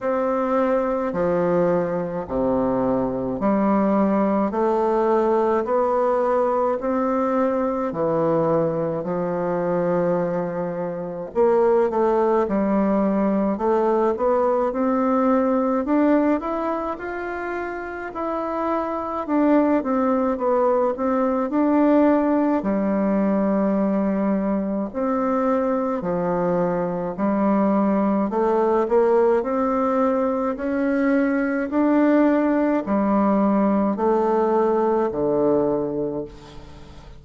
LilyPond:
\new Staff \with { instrumentName = "bassoon" } { \time 4/4 \tempo 4 = 53 c'4 f4 c4 g4 | a4 b4 c'4 e4 | f2 ais8 a8 g4 | a8 b8 c'4 d'8 e'8 f'4 |
e'4 d'8 c'8 b8 c'8 d'4 | g2 c'4 f4 | g4 a8 ais8 c'4 cis'4 | d'4 g4 a4 d4 | }